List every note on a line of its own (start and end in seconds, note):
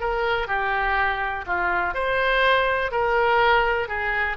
0.00 0.47 A#4
0.47 1.45 G4
1.47 1.94 F4
1.94 2.91 C5
2.91 3.88 A#4
3.88 4.37 G#4